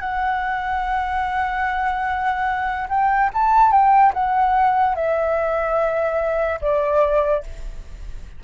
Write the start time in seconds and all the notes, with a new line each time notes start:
0.00 F#5
2.89 G5
3.33 A5
3.71 G5
4.13 F#5
4.95 E5
6.61 D5